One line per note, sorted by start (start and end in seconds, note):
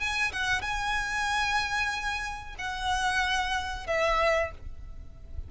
0.00 0.32 G#5
0.33 0.62 F#5
0.62 2.56 G#5
2.59 3.87 F#5
3.87 4.52 E5